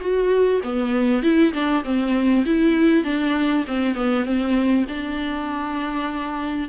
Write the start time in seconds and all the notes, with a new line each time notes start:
0.00 F#4
0.63 B3
1.22 E4
1.53 D4
1.84 C4
2.45 E4
3.04 D4
3.67 C4
3.94 B3
4.25 C4
4.88 D4